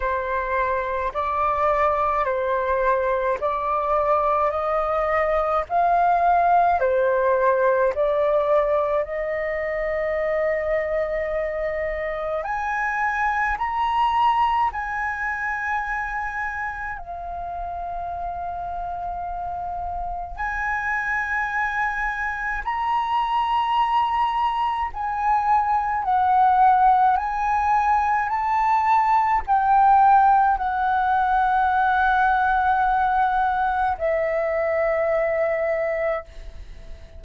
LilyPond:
\new Staff \with { instrumentName = "flute" } { \time 4/4 \tempo 4 = 53 c''4 d''4 c''4 d''4 | dis''4 f''4 c''4 d''4 | dis''2. gis''4 | ais''4 gis''2 f''4~ |
f''2 gis''2 | ais''2 gis''4 fis''4 | gis''4 a''4 g''4 fis''4~ | fis''2 e''2 | }